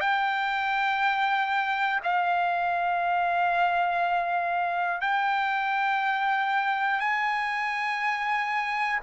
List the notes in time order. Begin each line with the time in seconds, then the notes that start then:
0.00 G5
2.03 F5
5.01 G5
7.00 G#5